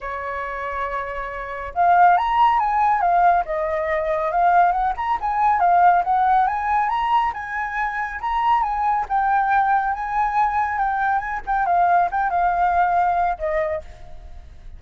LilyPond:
\new Staff \with { instrumentName = "flute" } { \time 4/4 \tempo 4 = 139 cis''1 | f''4 ais''4 gis''4 f''4 | dis''2 f''4 fis''8 ais''8 | gis''4 f''4 fis''4 gis''4 |
ais''4 gis''2 ais''4 | gis''4 g''2 gis''4~ | gis''4 g''4 gis''8 g''8 f''4 | g''8 f''2~ f''8 dis''4 | }